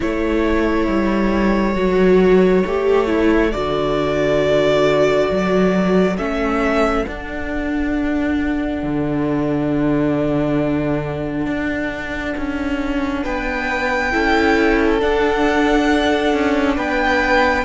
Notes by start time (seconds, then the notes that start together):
0.00 A3 E4 A4 C#5
0.87 G3
1.74 F#3 F#4
2.65 A3 G4
3.06 E4
3.51 D3 F#4 D5
5.30 F#3
6.17 A3 C#4 E5
7.05 D4 F#5
8.82 D3
11.46 D4
12.37 C#4
13.22 B3 B4 G5
14.11 C#4 E4 A4
14.99 D4 F#5
16.33 C#4
16.75 B3 B4 G5